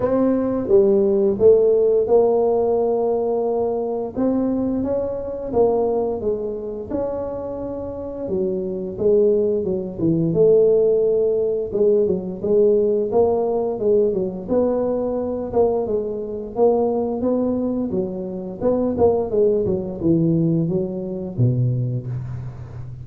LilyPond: \new Staff \with { instrumentName = "tuba" } { \time 4/4 \tempo 4 = 87 c'4 g4 a4 ais4~ | ais2 c'4 cis'4 | ais4 gis4 cis'2 | fis4 gis4 fis8 e8 a4~ |
a4 gis8 fis8 gis4 ais4 | gis8 fis8 b4. ais8 gis4 | ais4 b4 fis4 b8 ais8 | gis8 fis8 e4 fis4 b,4 | }